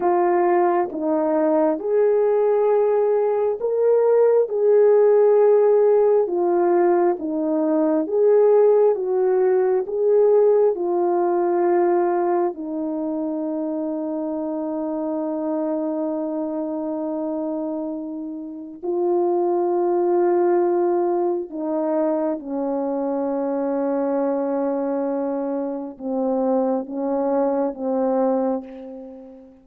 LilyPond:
\new Staff \with { instrumentName = "horn" } { \time 4/4 \tempo 4 = 67 f'4 dis'4 gis'2 | ais'4 gis'2 f'4 | dis'4 gis'4 fis'4 gis'4 | f'2 dis'2~ |
dis'1~ | dis'4 f'2. | dis'4 cis'2.~ | cis'4 c'4 cis'4 c'4 | }